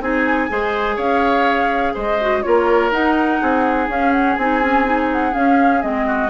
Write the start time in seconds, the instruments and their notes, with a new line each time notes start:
0.00 bassoon C4, clarinet D#4, oboe G#4, flute G#5
0.49 bassoon G#3, clarinet G#4, oboe C5
0.96 bassoon C#4, oboe C#5, flute F5
1.94 bassoon G#3, oboe C5, flute D#5
2.21 clarinet F#4
2.42 bassoon A#3, clarinet F4, oboe A#4, flute C#5
2.90 bassoon D#4, clarinet D#4, flute F#5
3.41 bassoon C4, oboe G#4
3.88 bassoon C#4, clarinet C#4, flute F5
4.12 flute F#5
4.35 bassoon C4, clarinet D#4, flute G#5
4.62 clarinet C#4
4.85 clarinet D#4
5.12 flute F#5
5.32 clarinet C#4, bassoon C#4, flute F5
5.81 bassoon G#3, clarinet C4, flute D#5
6.06 oboe F#4